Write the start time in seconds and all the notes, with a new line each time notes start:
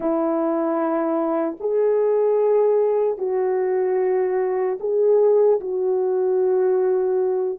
0.00 E4
1.60 G#4
3.18 F#4
4.80 G#4
5.60 F#4